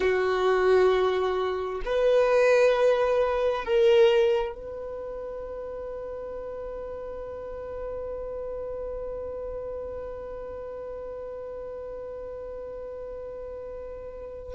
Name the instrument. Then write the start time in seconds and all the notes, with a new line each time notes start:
violin
0.00 F#4
1.85 B4
3.64 A#4
4.55 B4